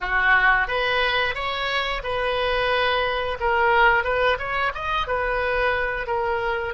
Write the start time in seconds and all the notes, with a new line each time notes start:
0.00 F#4
0.67 B4
1.34 C#5
2.03 B4
3.40 A#4
4.04 B4
4.38 C#5
4.74 D#5
5.07 B4
6.06 A#4